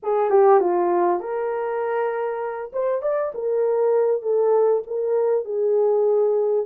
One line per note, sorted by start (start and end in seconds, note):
0.02 0.30 G#4
0.30 0.60 G4
0.60 1.20 F4
1.20 2.71 A#4
2.72 3.01 C5
3.01 3.32 D5
3.34 4.22 A#4
4.22 4.82 A4
4.86 5.44 A#4
5.44 6.66 G#4